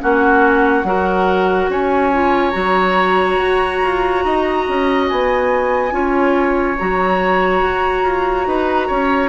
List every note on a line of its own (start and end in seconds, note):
0.00 0.83 A#3
0.00 0.85 C#4
0.00 0.86 F#4
0.00 1.71 F#5
0.83 1.68 F#3
0.83 2.12 F#4
0.83 1.70 A#4
1.69 2.53 C#4
1.69 4.24 C#5
1.69 2.51 G#5
2.13 2.52 F4
2.51 3.38 F#3
2.51 5.90 F#4
2.51 5.04 A#5
3.38 3.80 F#4
3.83 4.24 F4
4.24 4.67 D#4
4.24 5.94 D#5
4.68 5.11 C#4
5.08 5.92 B3
5.08 6.77 G#5
5.91 6.76 C#4
5.91 6.76 F4
5.91 8.47 C#5
6.78 7.62 F#3
6.78 9.29 F#4
6.78 9.29 A#5
7.62 8.03 F#4
8.03 8.45 F4
8.46 8.89 D#4
8.46 8.87 B4
8.87 9.29 C#4
8.87 9.29 C#5